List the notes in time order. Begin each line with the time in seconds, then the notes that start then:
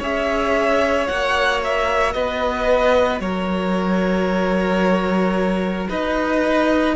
0.00 C#4 G#4 C#5 E5
1.08 A#3 F#4 F#5
1.64 E5
2.12 B3 B4 D#5
3.20 F#3 A#4 C#5
5.89 D#4 B4 D#5